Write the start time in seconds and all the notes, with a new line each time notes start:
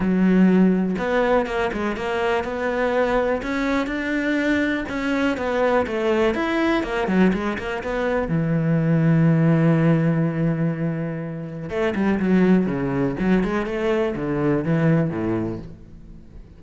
0.00 F#3
0.98 B3
1.46 A#3
1.72 G#3
1.96 A#3
2.43 B3
3.42 C#4
3.87 D4
4.88 C#4
5.37 B3
5.87 A3
6.34 E4
6.83 A#3
7.07 F#3
7.33 G#3
7.58 A#3
7.83 B3
8.28 E3
11.69 A3
11.95 G3
12.19 F#3
12.66 C#3
13.19 F#3
13.43 G#3
13.66 A3
14.15 D3
14.64 E3
15.10 A2